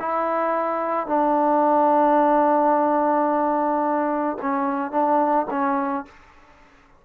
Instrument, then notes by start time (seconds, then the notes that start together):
trombone
0.00 E4
1.07 D4
4.42 C#4
4.92 D4
5.51 C#4